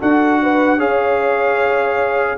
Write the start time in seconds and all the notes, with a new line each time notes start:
0.00 D4 F#4 A4 F#5
0.43 B4
0.78 C#4 G#4 C#5 F5